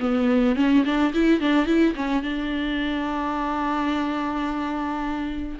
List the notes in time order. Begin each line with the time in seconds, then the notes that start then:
0.00 B3
0.56 C#4
0.85 D4
1.14 E4
1.41 D4
1.67 E4
1.96 C#4
2.23 D4